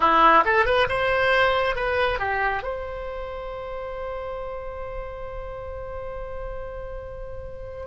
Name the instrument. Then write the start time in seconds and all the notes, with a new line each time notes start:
oboe
0.00 E4
0.44 A4
0.65 B4
0.88 C5
1.75 B4
2.19 G4
2.63 C5